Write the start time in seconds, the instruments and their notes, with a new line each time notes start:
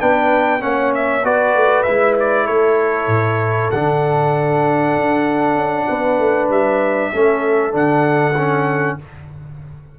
0.00 tuba B3, trombone D4, horn B4, trumpet G5
0.60 tuba A#3, trombone C#4, horn C#5, trumpet F#5
0.95 trumpet E5
1.23 tuba B3, trombone F#4, horn B4, trumpet D5
1.54 tuba A3
1.83 tuba G#3, trombone E4, trumpet E5
2.19 trumpet D5
2.46 tuba A3, horn A4, trumpet C#5
3.07 tuba A2
3.71 tuba D3, trombone D4, trumpet F#5
4.96 tuba D4
5.55 tuba C#4
5.88 tuba B3, horn B4
6.18 tuba A3
6.49 tuba G3, trumpet E5
7.13 tuba A3, trombone C#4, horn A4
7.71 tuba D3, trombone D4, trumpet F#5
8.37 trombone C#4